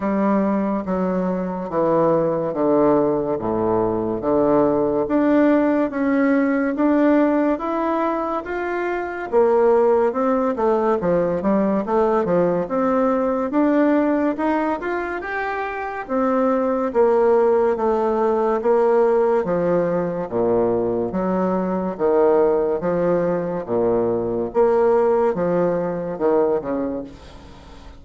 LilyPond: \new Staff \with { instrumentName = "bassoon" } { \time 4/4 \tempo 4 = 71 g4 fis4 e4 d4 | a,4 d4 d'4 cis'4 | d'4 e'4 f'4 ais4 | c'8 a8 f8 g8 a8 f8 c'4 |
d'4 dis'8 f'8 g'4 c'4 | ais4 a4 ais4 f4 | ais,4 fis4 dis4 f4 | ais,4 ais4 f4 dis8 cis8 | }